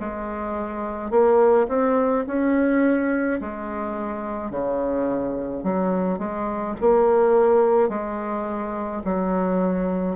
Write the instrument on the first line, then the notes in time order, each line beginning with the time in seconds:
bassoon
0.00 G#3
1.11 A#3
1.69 C4
2.27 C#4
3.41 G#3
4.51 C#3
5.64 F#3
6.19 G#3
6.81 A#3
7.89 G#3
9.05 F#3